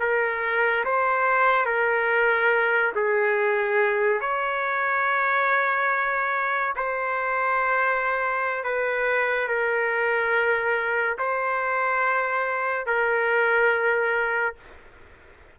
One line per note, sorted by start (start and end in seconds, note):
0.00 0.85 A#4
0.85 1.66 C5
1.66 2.93 A#4
2.95 4.21 G#4
4.21 6.74 C#5
6.76 8.64 C5
8.64 9.48 B4
9.48 11.17 A#4
11.18 12.86 C5
12.86 14.55 A#4